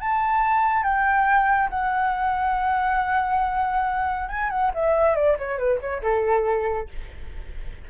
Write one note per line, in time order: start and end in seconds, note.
0.00 0.83 A5
0.83 1.69 G5
1.70 4.28 F#5
4.28 4.50 G#5
4.50 4.71 F#5
4.74 5.15 E5
5.15 5.37 D5
5.38 5.58 C#5
5.58 5.80 B4
5.80 6.02 C#5
6.02 6.88 A4